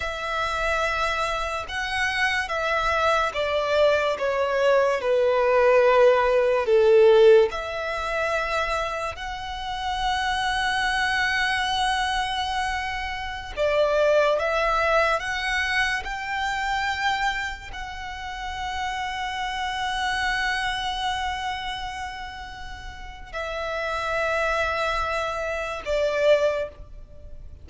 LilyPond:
\new Staff \with { instrumentName = "violin" } { \time 4/4 \tempo 4 = 72 e''2 fis''4 e''4 | d''4 cis''4 b'2 | a'4 e''2 fis''4~ | fis''1~ |
fis''16 d''4 e''4 fis''4 g''8.~ | g''4~ g''16 fis''2~ fis''8.~ | fis''1 | e''2. d''4 | }